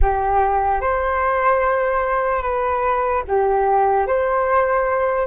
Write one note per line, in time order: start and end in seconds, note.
0.01 0.80 G4
0.80 2.42 C5
2.42 3.23 B4
3.27 4.06 G4
4.06 5.27 C5